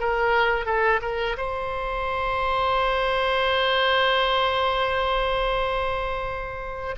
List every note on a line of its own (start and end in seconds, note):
0.00 0.66 A#4
0.66 1.01 A4
1.02 1.37 A#4
1.38 6.96 C5